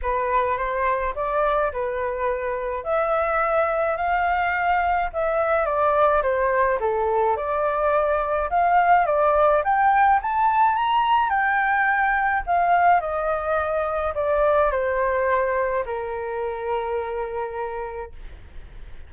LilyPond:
\new Staff \with { instrumentName = "flute" } { \time 4/4 \tempo 4 = 106 b'4 c''4 d''4 b'4~ | b'4 e''2 f''4~ | f''4 e''4 d''4 c''4 | a'4 d''2 f''4 |
d''4 g''4 a''4 ais''4 | g''2 f''4 dis''4~ | dis''4 d''4 c''2 | ais'1 | }